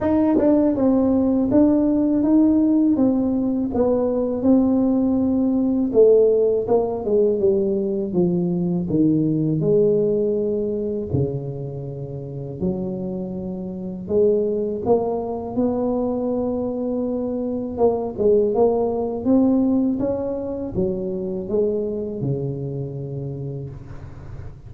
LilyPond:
\new Staff \with { instrumentName = "tuba" } { \time 4/4 \tempo 4 = 81 dis'8 d'8 c'4 d'4 dis'4 | c'4 b4 c'2 | a4 ais8 gis8 g4 f4 | dis4 gis2 cis4~ |
cis4 fis2 gis4 | ais4 b2. | ais8 gis8 ais4 c'4 cis'4 | fis4 gis4 cis2 | }